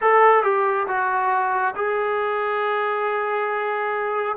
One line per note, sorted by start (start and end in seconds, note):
0.01 0.43 A4
0.43 0.87 G4
0.87 1.74 F#4
1.75 4.36 G#4